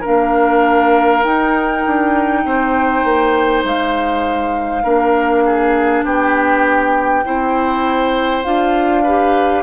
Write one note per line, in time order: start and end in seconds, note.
0.00 1.23 D4
0.00 2.40 A#4
0.00 1.23 F5
0.07 1.24 A#3
1.23 4.83 D#4
1.23 1.84 D#4
1.23 3.63 G5
1.86 2.44 D4
2.44 3.04 C4
2.44 4.83 C5
3.04 3.64 A#3
3.64 4.83 G#3
3.64 6.05 F5
4.83 6.04 A#3
4.83 7.23 D4
4.83 5.43 A#4
5.45 6.04 G#4
6.04 7.24 B3
6.04 7.24 G4
6.04 8.43 G5
7.24 8.45 C4
7.24 8.44 E4
7.24 9.02 C5
8.43 9.62 D4
8.43 9.04 F4
8.43 9.62 F5
9.02 9.62 G4
9.02 9.62 B4